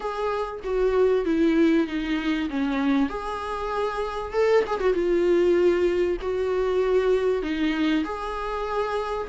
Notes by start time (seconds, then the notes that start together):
0.00 G#4
0.64 F#4
1.25 E4
1.87 D#4
2.49 C#4
3.09 G#4
4.32 A4
4.66 G#4
4.79 F#4
4.93 F4
6.21 F#4
7.42 D#4
8.04 G#4